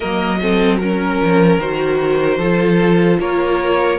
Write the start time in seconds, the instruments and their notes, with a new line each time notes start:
0.00 cello F#3, viola A#3, violin A#4 D#5
0.41 viola C4, violin A4
0.78 viola C#4, violin A#4
1.21 cello F3
1.58 cello D#3, viola F#4, violin C5
2.37 cello F3, viola F4, violin A4
3.19 cello A#3, violin A#4 C#5